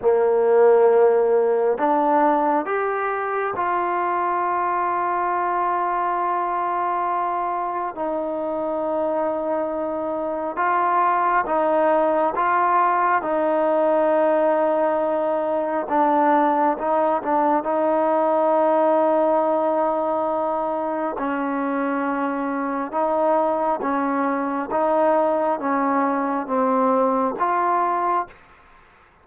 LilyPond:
\new Staff \with { instrumentName = "trombone" } { \time 4/4 \tempo 4 = 68 ais2 d'4 g'4 | f'1~ | f'4 dis'2. | f'4 dis'4 f'4 dis'4~ |
dis'2 d'4 dis'8 d'8 | dis'1 | cis'2 dis'4 cis'4 | dis'4 cis'4 c'4 f'4 | }